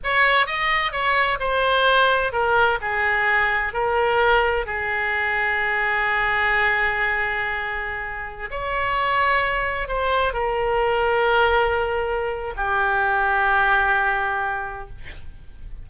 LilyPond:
\new Staff \with { instrumentName = "oboe" } { \time 4/4 \tempo 4 = 129 cis''4 dis''4 cis''4 c''4~ | c''4 ais'4 gis'2 | ais'2 gis'2~ | gis'1~ |
gis'2~ gis'16 cis''4.~ cis''16~ | cis''4~ cis''16 c''4 ais'4.~ ais'16~ | ais'2. g'4~ | g'1 | }